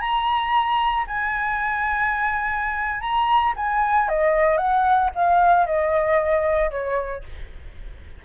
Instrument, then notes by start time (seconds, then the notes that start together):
flute
0.00 A#5
1.07 G#5
3.01 A#5
3.56 G#5
4.08 D#5
4.57 F#5
5.15 F5
5.66 D#5
6.71 C#5